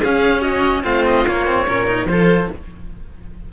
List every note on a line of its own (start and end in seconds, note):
0.00 0.84 C#4
0.00 0.83 C#4
0.00 0.41 G#4
0.00 0.41 F5
0.41 0.82 F#4
0.41 0.82 D#5
0.83 1.25 A3
0.83 1.24 C4
0.83 1.65 F4
0.83 1.04 F5
1.06 1.26 D#5
1.25 1.66 A#3
1.25 1.46 A#3
1.25 2.07 C#5
1.46 1.67 C4
1.67 2.06 A#2
1.67 1.87 C#4
1.67 2.08 A#4
1.87 2.07 D#4
2.06 2.47 F3
2.06 2.50 F4
2.06 2.52 A4
2.06 2.48 C5